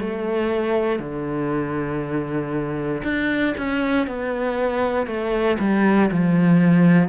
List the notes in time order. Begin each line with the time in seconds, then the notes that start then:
0.00 A3
0.99 D3
3.04 D4
3.58 C#4
4.07 B3
5.07 A3
5.59 G3
6.11 F3